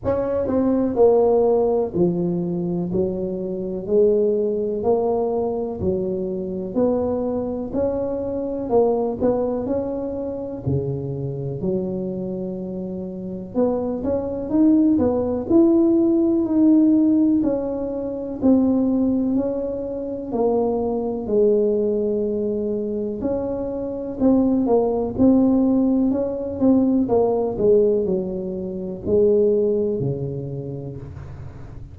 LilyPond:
\new Staff \with { instrumentName = "tuba" } { \time 4/4 \tempo 4 = 62 cis'8 c'8 ais4 f4 fis4 | gis4 ais4 fis4 b4 | cis'4 ais8 b8 cis'4 cis4 | fis2 b8 cis'8 dis'8 b8 |
e'4 dis'4 cis'4 c'4 | cis'4 ais4 gis2 | cis'4 c'8 ais8 c'4 cis'8 c'8 | ais8 gis8 fis4 gis4 cis4 | }